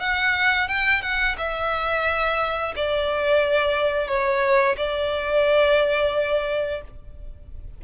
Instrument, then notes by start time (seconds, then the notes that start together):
violin
0.00 F#5
0.68 G5
1.02 F#5
1.38 E5
2.76 D5
4.08 C#5
4.77 D5